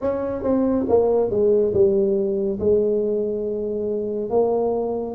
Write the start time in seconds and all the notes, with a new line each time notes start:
0.01 C#4
0.42 C4
0.88 A#3
1.30 G#3
1.73 G3
2.59 G#3
4.29 A#3